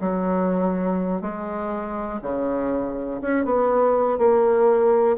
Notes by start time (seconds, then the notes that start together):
0.00 F#3
1.21 G#3
2.22 C#3
3.21 C#4
3.45 B3
4.18 A#3